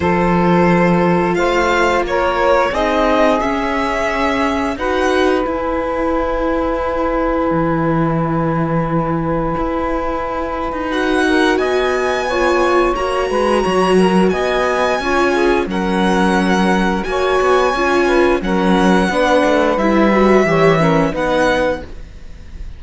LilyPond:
<<
  \new Staff \with { instrumentName = "violin" } { \time 4/4 \tempo 4 = 88 c''2 f''4 cis''4 | dis''4 e''2 fis''4 | gis''1~ | gis''1 |
fis''4 gis''2 ais''4~ | ais''4 gis''2 fis''4~ | fis''4 gis''2 fis''4~ | fis''4 e''2 fis''4 | }
  \new Staff \with { instrumentName = "saxophone" } { \time 4/4 a'2 c''4 ais'4 | gis'2. b'4~ | b'1~ | b'1~ |
b'8 ais'8 dis''4 cis''4. b'8 | cis''8 ais'8 dis''4 cis''8 gis'8 ais'4~ | ais'4 cis''4. b'8 ais'4 | b'2 cis''8 ais'8 b'4 | }
  \new Staff \with { instrumentName = "viola" } { \time 4/4 f'1 | dis'4 cis'2 fis'4 | e'1~ | e'1 |
fis'2 f'4 fis'4~ | fis'2 f'4 cis'4~ | cis'4 fis'4 f'4 cis'4 | d'4 e'8 fis'8 g'8 cis'8 dis'4 | }
  \new Staff \with { instrumentName = "cello" } { \time 4/4 f2 a4 ais4 | c'4 cis'2 dis'4 | e'2. e4~ | e2 e'4.~ e'16 dis'16~ |
dis'4 b2 ais8 gis8 | fis4 b4 cis'4 fis4~ | fis4 ais8 b8 cis'4 fis4 | b8 a8 g4 e4 b4 | }
>>